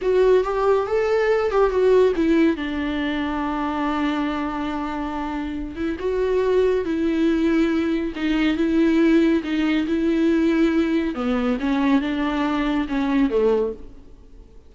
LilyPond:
\new Staff \with { instrumentName = "viola" } { \time 4/4 \tempo 4 = 140 fis'4 g'4 a'4. g'8 | fis'4 e'4 d'2~ | d'1~ | d'4. e'8 fis'2 |
e'2. dis'4 | e'2 dis'4 e'4~ | e'2 b4 cis'4 | d'2 cis'4 a4 | }